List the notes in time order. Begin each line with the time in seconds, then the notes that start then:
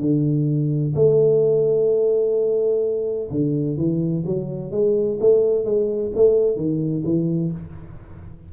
0.00 D3
0.95 A3
3.30 D3
3.77 E3
4.25 F#3
4.71 G#3
5.20 A3
5.64 G#3
6.15 A3
6.56 D#3
7.04 E3